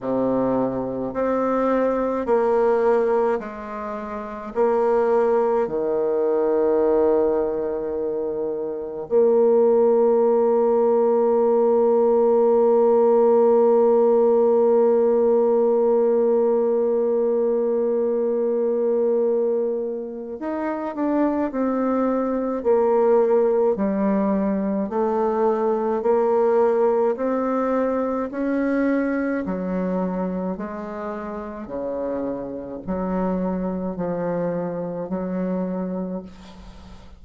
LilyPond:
\new Staff \with { instrumentName = "bassoon" } { \time 4/4 \tempo 4 = 53 c4 c'4 ais4 gis4 | ais4 dis2. | ais1~ | ais1~ |
ais2 dis'8 d'8 c'4 | ais4 g4 a4 ais4 | c'4 cis'4 fis4 gis4 | cis4 fis4 f4 fis4 | }